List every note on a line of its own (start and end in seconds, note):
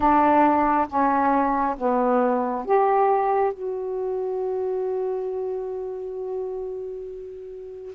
0.00 0.87 D4
0.87 1.76 C#4
1.77 2.65 B3
2.65 3.53 G4
3.53 7.94 F#4